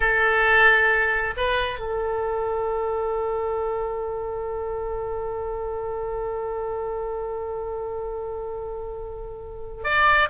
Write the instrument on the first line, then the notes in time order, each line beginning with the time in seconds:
oboe
0.00 A4
1.37 B4
1.79 A4
9.84 D5